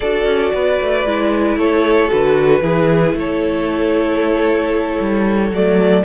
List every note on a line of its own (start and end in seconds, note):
0.00 0.25 D4
0.00 1.06 F#4
0.00 0.53 A4
0.00 1.57 D5
0.25 0.51 C#4
0.53 0.79 B3
0.53 1.57 B4
0.81 1.05 A3
1.05 1.56 G#3
1.05 2.08 E4
1.56 2.09 A3
1.56 2.62 A4
1.56 2.10 C#5
2.08 2.61 D3
2.08 2.61 F#4
2.08 3.16 B4
2.61 3.13 E3
2.61 5.51 E4
2.61 3.15 G#4
3.13 4.98 A3
3.13 5.54 C#5
3.20 6.04 A4
4.99 5.50 G3
5.50 6.03 F#3
5.50 6.04 A3
5.50 6.04 D5